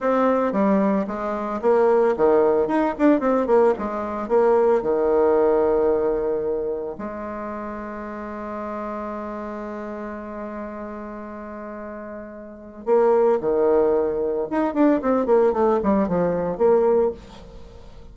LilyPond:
\new Staff \with { instrumentName = "bassoon" } { \time 4/4 \tempo 4 = 112 c'4 g4 gis4 ais4 | dis4 dis'8 d'8 c'8 ais8 gis4 | ais4 dis2.~ | dis4 gis2.~ |
gis1~ | gis1 | ais4 dis2 dis'8 d'8 | c'8 ais8 a8 g8 f4 ais4 | }